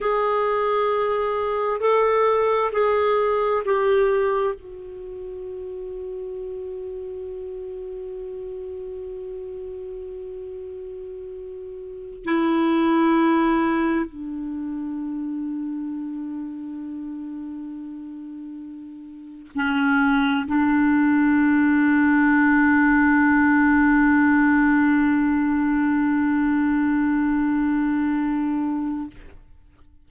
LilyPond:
\new Staff \with { instrumentName = "clarinet" } { \time 4/4 \tempo 4 = 66 gis'2 a'4 gis'4 | g'4 fis'2.~ | fis'1~ | fis'4. e'2 d'8~ |
d'1~ | d'4. cis'4 d'4.~ | d'1~ | d'1 | }